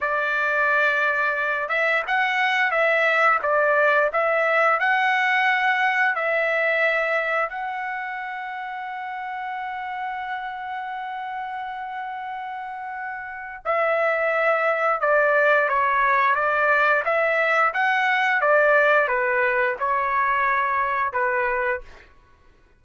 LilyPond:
\new Staff \with { instrumentName = "trumpet" } { \time 4/4 \tempo 4 = 88 d''2~ d''8 e''8 fis''4 | e''4 d''4 e''4 fis''4~ | fis''4 e''2 fis''4~ | fis''1~ |
fis''1 | e''2 d''4 cis''4 | d''4 e''4 fis''4 d''4 | b'4 cis''2 b'4 | }